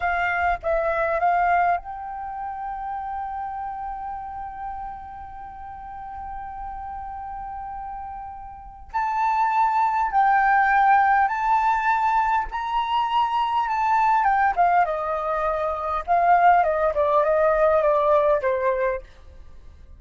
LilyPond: \new Staff \with { instrumentName = "flute" } { \time 4/4 \tempo 4 = 101 f''4 e''4 f''4 g''4~ | g''1~ | g''1~ | g''2. a''4~ |
a''4 g''2 a''4~ | a''4 ais''2 a''4 | g''8 f''8 dis''2 f''4 | dis''8 d''8 dis''4 d''4 c''4 | }